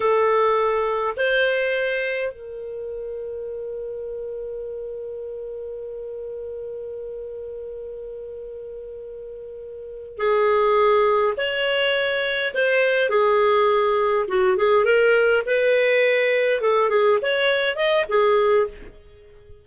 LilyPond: \new Staff \with { instrumentName = "clarinet" } { \time 4/4 \tempo 4 = 103 a'2 c''2 | ais'1~ | ais'1~ | ais'1~ |
ais'4. gis'2 cis''8~ | cis''4. c''4 gis'4.~ | gis'8 fis'8 gis'8 ais'4 b'4.~ | b'8 a'8 gis'8 cis''4 dis''8 gis'4 | }